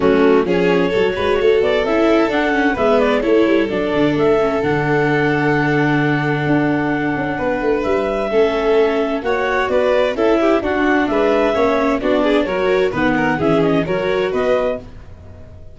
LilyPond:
<<
  \new Staff \with { instrumentName = "clarinet" } { \time 4/4 \tempo 4 = 130 fis'4 cis''2~ cis''8 d''8 | e''4 fis''4 e''8 d''8 cis''4 | d''4 e''4 fis''2~ | fis''1~ |
fis''4 e''2. | fis''4 d''4 e''4 fis''4 | e''2 d''4 cis''4 | fis''4 e''8 dis''8 cis''4 dis''4 | }
  \new Staff \with { instrumentName = "violin" } { \time 4/4 cis'4 gis'4 a'8 b'8 a'4~ | a'2 b'4 a'4~ | a'1~ | a'1 |
b'2 a'2 | cis''4 b'4 a'8 g'8 fis'4 | b'4 cis''4 fis'8 gis'8 ais'4 | b'8 ais'8 gis'4 ais'4 b'4 | }
  \new Staff \with { instrumentName = "viola" } { \time 4/4 a4 cis'4 fis'2 | e'4 d'8 cis'8 b4 e'4 | d'4. cis'8 d'2~ | d'1~ |
d'2 cis'2 | fis'2 e'4 d'4~ | d'4 cis'4 d'4 fis'4 | b4 cis'4 fis'2 | }
  \new Staff \with { instrumentName = "tuba" } { \time 4/4 fis4 f4 fis8 gis8 a8 b8 | cis'4 d'4 gis4 a8 g8 | fis8 d8 a4 d2~ | d2 d'4. cis'8 |
b8 a8 g4 a2 | ais4 b4 cis'4 d'4 | gis4 ais4 b4 fis4 | dis4 e4 fis4 b4 | }
>>